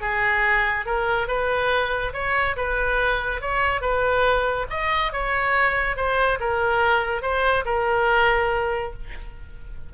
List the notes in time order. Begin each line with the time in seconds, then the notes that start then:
0.00 G#4
0.85 A#4
1.27 B4
2.13 C#5
2.56 B4
3.41 C#5
3.81 B4
4.70 D#5
5.12 C#5
5.96 C5
6.40 A#4
7.22 C5
7.65 A#4